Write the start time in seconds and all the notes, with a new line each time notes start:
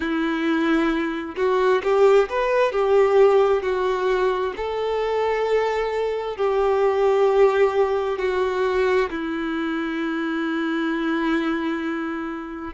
0.00 E4
1.36 F#4
1.83 G4
2.29 B4
2.71 G4
3.62 F#4
4.56 A4
6.36 G4
8.18 F#4
9.10 E4